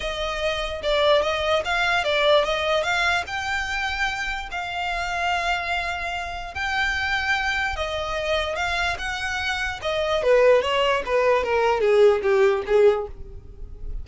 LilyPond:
\new Staff \with { instrumentName = "violin" } { \time 4/4 \tempo 4 = 147 dis''2 d''4 dis''4 | f''4 d''4 dis''4 f''4 | g''2. f''4~ | f''1 |
g''2. dis''4~ | dis''4 f''4 fis''2 | dis''4 b'4 cis''4 b'4 | ais'4 gis'4 g'4 gis'4 | }